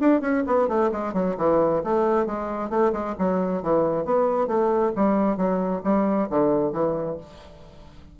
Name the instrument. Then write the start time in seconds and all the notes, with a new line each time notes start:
bassoon
0.00 D4
0.21 C#4
0.47 B3
0.68 A3
0.92 G#3
1.14 F#3
1.37 E3
1.84 A3
2.26 G#3
2.70 A3
2.93 G#3
3.19 F#3
3.62 E3
4.05 B3
4.47 A3
4.96 G3
5.37 F#3
5.84 G3
6.30 D3
6.73 E3